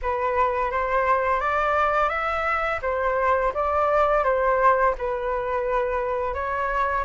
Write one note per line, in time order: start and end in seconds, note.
0.02 0.71 B4
0.71 1.40 C5
1.40 2.09 D5
2.09 2.79 E5
2.82 3.52 C5
3.54 4.24 D5
4.24 4.94 C5
4.98 6.33 B4
6.33 7.04 C#5